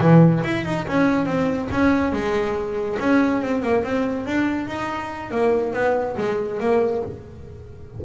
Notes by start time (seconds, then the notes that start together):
0.00 E3
0.44 E4
0.65 D#4
0.87 C#4
1.25 C4
1.71 C#4
2.12 G#3
2.99 C#4
3.42 C4
3.62 A#3
3.83 C4
4.26 D4
4.67 D#4
5.30 A#3
5.73 B3
6.17 G#3
6.59 A#3